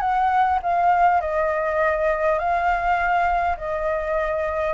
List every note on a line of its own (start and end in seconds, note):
0.00 0.59 F#5
0.62 1.21 F5
1.21 2.38 D#5
2.38 3.56 F5
3.57 4.74 D#5